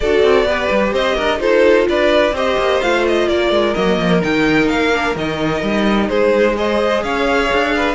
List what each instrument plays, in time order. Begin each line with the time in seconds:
0.00 cello D4, viola F#4, violin A4 D5
0.23 cello C4
0.45 cello B3, viola G4, violin B4
0.70 cello G3
0.93 cello C4, violin C5 D#5
1.15 cello D4, violin A#4
1.38 cello D#4, viola F4, violin A4 C5
1.88 cello D4, violin B4 D5
2.32 cello C4, viola G4, violin C5 D#5
2.57 cello A#3
2.81 cello A3, viola F4, violin F5
3.07 violin D#5
3.28 cello A#3, violin A#4 D5
3.50 cello G#3
3.74 cello F#3, viola A#3, violin D#5
3.98 cello F3
4.21 cello D#3, viola D#4, violin G5
4.68 cello A#3, violin F5
4.93 viola D4
5.15 cello D#3, viola D#4, violin D#5
5.62 cello G3
6.08 cello G#3, violin G#4 C5
6.55 viola G#4, violin C5 D#5
7.03 cello C#4, violin C#5 F5
7.52 cello D4
7.75 violin B4